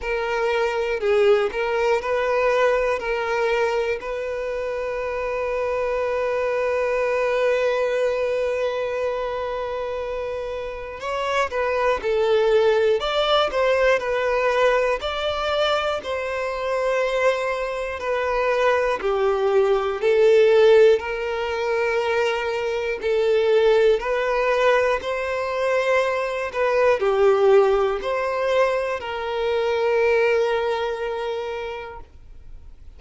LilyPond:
\new Staff \with { instrumentName = "violin" } { \time 4/4 \tempo 4 = 60 ais'4 gis'8 ais'8 b'4 ais'4 | b'1~ | b'2. cis''8 b'8 | a'4 d''8 c''8 b'4 d''4 |
c''2 b'4 g'4 | a'4 ais'2 a'4 | b'4 c''4. b'8 g'4 | c''4 ais'2. | }